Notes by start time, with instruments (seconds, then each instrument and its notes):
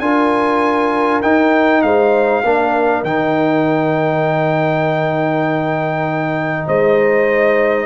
0.00 tuba D4, trombone F4, horn A#4, trumpet G#5
1.22 tuba D#4, trombone D#4, trumpet G5
1.82 tuba G#3, horn C5, trumpet F5
2.43 tuba A#3, trombone D4, horn A#4
3.04 tuba D#3, trombone D#4, trumpet G5
6.67 tuba G#3, horn C5, trumpet D#5